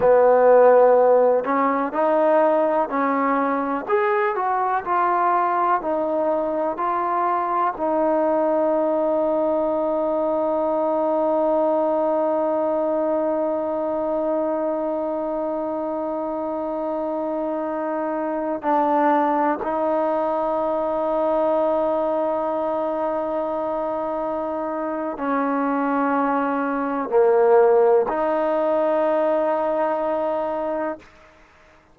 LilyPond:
\new Staff \with { instrumentName = "trombone" } { \time 4/4 \tempo 4 = 62 b4. cis'8 dis'4 cis'4 | gis'8 fis'8 f'4 dis'4 f'4 | dis'1~ | dis'1~ |
dis'2.~ dis'16 d'8.~ | d'16 dis'2.~ dis'8.~ | dis'2 cis'2 | ais4 dis'2. | }